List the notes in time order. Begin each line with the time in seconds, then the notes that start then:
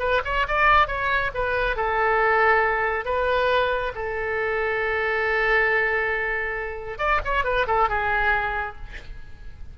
0.00 B4
0.25 C#5
0.48 D5
0.88 C#5
1.35 B4
1.77 A4
3.06 B4
3.95 A4
6.99 D5
7.25 C#5
7.45 B4
7.67 A4
7.89 G#4